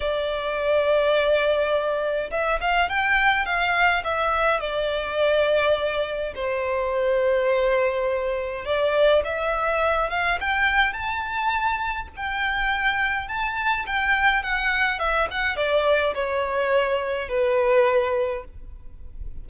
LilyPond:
\new Staff \with { instrumentName = "violin" } { \time 4/4 \tempo 4 = 104 d''1 | e''8 f''8 g''4 f''4 e''4 | d''2. c''4~ | c''2. d''4 |
e''4. f''8 g''4 a''4~ | a''4 g''2 a''4 | g''4 fis''4 e''8 fis''8 d''4 | cis''2 b'2 | }